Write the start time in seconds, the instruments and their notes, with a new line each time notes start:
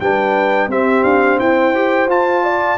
0.00 tuba G3, trombone D4, horn B4, trumpet G5
0.67 tuba C4, trombone C4, horn G4, trumpet E5
1.03 tuba D4, trumpet F5
1.39 tuba E4, horn C5, trumpet G5
1.74 trombone G4
2.07 tuba F4, trombone F4, trumpet A5
2.44 horn D5